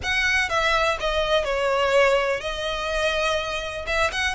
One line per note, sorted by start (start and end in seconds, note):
0.02 0.49 F#5
0.49 0.97 E5
1.00 1.44 D#5
1.44 2.40 C#5
2.40 3.85 D#5
3.86 4.11 E5
4.12 4.34 F#5